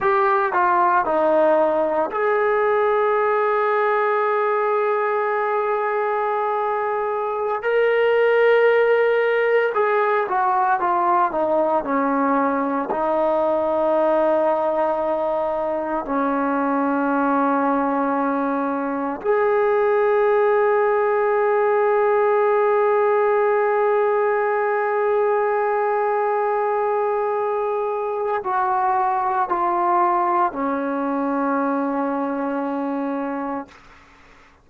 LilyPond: \new Staff \with { instrumentName = "trombone" } { \time 4/4 \tempo 4 = 57 g'8 f'8 dis'4 gis'2~ | gis'2.~ gis'16 ais'8.~ | ais'4~ ais'16 gis'8 fis'8 f'8 dis'8 cis'8.~ | cis'16 dis'2. cis'8.~ |
cis'2~ cis'16 gis'4.~ gis'16~ | gis'1~ | gis'2. fis'4 | f'4 cis'2. | }